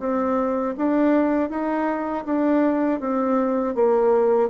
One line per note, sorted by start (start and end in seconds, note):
0.00 0.75 C4
0.78 1.50 D4
1.50 2.25 D#4
2.25 3.00 D4
3.00 3.75 C4
3.75 4.50 A#3